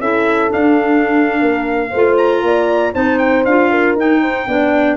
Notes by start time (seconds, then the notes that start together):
0.00 C#4 E4 A4 E5
0.49 D4 F5
1.40 A#3 A#4
1.90 A3 F4 C5
2.17 A#5
2.42 A#3 D5
2.93 C4 D#4 C5 A5
3.18 G5
3.45 D4 F4 F5
3.70 A#4
3.95 D#4 G5
4.21 C5
4.47 B3 D4 D5